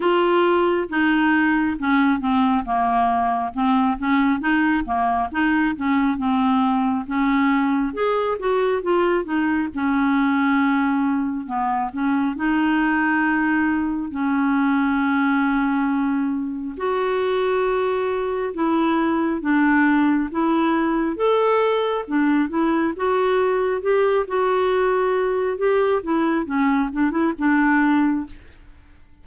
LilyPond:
\new Staff \with { instrumentName = "clarinet" } { \time 4/4 \tempo 4 = 68 f'4 dis'4 cis'8 c'8 ais4 | c'8 cis'8 dis'8 ais8 dis'8 cis'8 c'4 | cis'4 gis'8 fis'8 f'8 dis'8 cis'4~ | cis'4 b8 cis'8 dis'2 |
cis'2. fis'4~ | fis'4 e'4 d'4 e'4 | a'4 d'8 e'8 fis'4 g'8 fis'8~ | fis'4 g'8 e'8 cis'8 d'16 e'16 d'4 | }